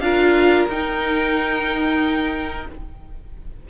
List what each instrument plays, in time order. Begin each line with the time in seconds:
0.00 cello D4, viola F4, violin A#4 F5
0.69 cello D#4, viola D#4, violin G5